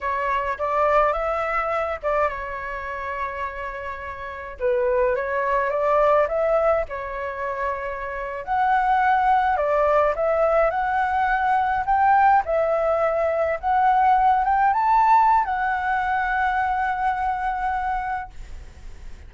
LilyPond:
\new Staff \with { instrumentName = "flute" } { \time 4/4 \tempo 4 = 105 cis''4 d''4 e''4. d''8 | cis''1 | b'4 cis''4 d''4 e''4 | cis''2~ cis''8. fis''4~ fis''16~ |
fis''8. d''4 e''4 fis''4~ fis''16~ | fis''8. g''4 e''2 fis''16~ | fis''4~ fis''16 g''8 a''4~ a''16 fis''4~ | fis''1 | }